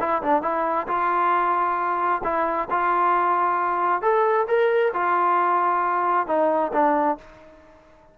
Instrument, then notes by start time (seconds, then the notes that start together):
trombone
0.00 E4
0.23 D4
0.42 E4
0.88 F4
2.24 E4
2.70 F4
4.02 A4
4.48 A#4
4.94 F4
6.27 D#4
6.73 D4